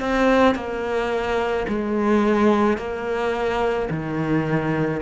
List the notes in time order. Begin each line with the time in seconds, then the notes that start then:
0.00 C4
0.55 A#3
1.68 G#3
2.77 A#3
3.90 D#3